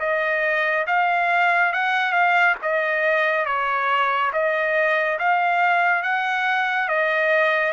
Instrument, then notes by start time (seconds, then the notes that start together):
trumpet
0.00 D#5
0.87 F5
1.73 F#5
2.13 F5
2.62 D#5
3.46 C#5
4.33 D#5
5.19 F5
6.03 F#5
6.89 D#5